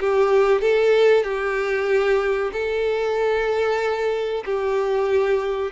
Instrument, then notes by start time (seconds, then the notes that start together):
violin
0.00 G4
0.61 A4
1.23 G4
2.52 A4
4.45 G4